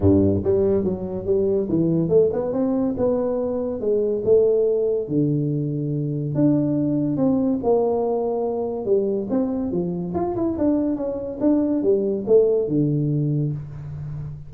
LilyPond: \new Staff \with { instrumentName = "tuba" } { \time 4/4 \tempo 4 = 142 g,4 g4 fis4 g4 | e4 a8 b8 c'4 b4~ | b4 gis4 a2 | d2. d'4~ |
d'4 c'4 ais2~ | ais4 g4 c'4 f4 | f'8 e'8 d'4 cis'4 d'4 | g4 a4 d2 | }